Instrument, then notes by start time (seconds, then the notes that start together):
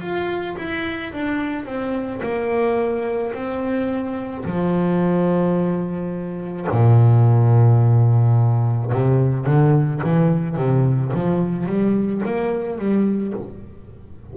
double bass
0.00 F4
0.57 E4
1.13 D4
1.65 C4
2.23 A#3
3.33 C4
4.45 F3
6.71 A#2
8.92 C3
9.45 D3
10.03 E3
10.56 C3
11.14 F3
11.66 G3
12.25 A#3
12.78 G3